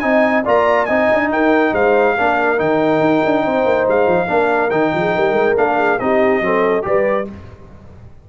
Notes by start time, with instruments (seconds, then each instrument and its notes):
0.00 tuba C4, trombone D#4, horn D#5, trumpet G#5
0.45 tuba A#3, trombone F4, horn D5, trumpet A#5
0.86 tuba C4, trombone D#4, horn D#5, trumpet G#5
1.13 tuba D4
1.30 tuba D#4, horn A#4, trumpet G5
1.73 tuba G#3, horn C5, trumpet F5
2.18 tuba A#3, trombone D4, horn A#4
2.58 tuba D#3, trombone D#4, trumpet G5
3.01 tuba D#4
3.25 tuba D4
3.45 tuba C4, horn C5
3.66 tuba A#3
3.88 tuba G#3, trumpet F5
4.07 tuba F3
4.28 tuba A#3, trombone D4, horn A#4
4.71 tuba D#3, trombone D#4, trumpet G5
4.95 tuba F3, horn G#4
5.15 tuba G3, horn A#4
5.33 tuba G#3
5.57 tuba A#3, trombone D4, trumpet F5
5.78 horn G#4
6.00 tuba C4, trombone D#4, horn G4, trumpet D#5
6.42 tuba F#3, trombone C4, horn A4
6.83 tuba G3, trombone G4, horn B4, trumpet D5